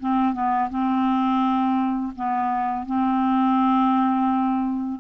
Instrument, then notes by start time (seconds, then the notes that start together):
clarinet
0.00 C4
0.34 B3
0.70 C4
2.16 B3
2.86 C4